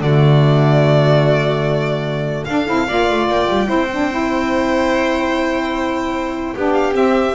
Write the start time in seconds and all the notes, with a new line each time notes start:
0.00 D3 A3 F#4 D5
2.44 D4 A4 F5
2.66 C4 E4
2.87 A#3 F4 D5
3.10 A3
3.28 A#3 G5
3.48 G3
3.65 C4 E4 C5
3.91 D4
4.11 E4
6.55 B3 D4 G4
6.72 F5
6.93 C4 E5